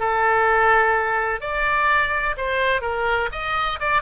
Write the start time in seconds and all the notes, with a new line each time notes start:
0.00 A4
1.41 D5
2.37 C5
2.82 A#4
3.32 D#5
3.81 D5